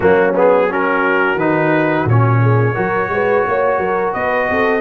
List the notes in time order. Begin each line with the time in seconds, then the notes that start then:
0.00 F#3 A#3 C#4 F#4
0.35 B3 G#4
0.69 C#4 F#4 A#4
1.35 D#3 D#4 B4
2.04 A#2 C#4 C#5
2.41 G#4
2.74 F#3 F#4 A#4
3.09 G#3 B4
3.46 A#3 C#5
3.77 F#3 A#4
4.13 B3 B4 D#5
4.49 C4 A4